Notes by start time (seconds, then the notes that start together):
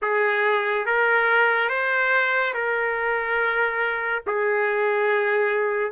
0.02 G#4
0.86 A#4
1.69 C5
2.54 A#4
4.26 G#4